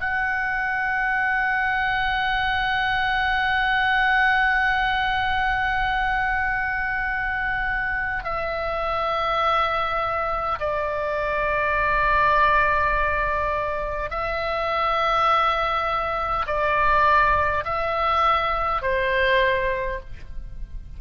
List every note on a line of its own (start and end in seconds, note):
0.00 8.24 F#5
8.24 10.59 E5
10.59 14.10 D5
14.10 16.45 E5
16.47 17.64 D5
17.65 18.82 E5
18.82 19.99 C5